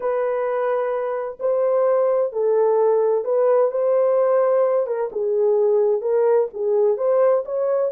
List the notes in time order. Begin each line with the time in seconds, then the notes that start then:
0.00 B4
1.39 C5
2.32 A4
3.24 B4
3.71 C5
4.86 A#4
5.12 G#4
6.01 A#4
6.53 G#4
6.97 C5
7.45 C#5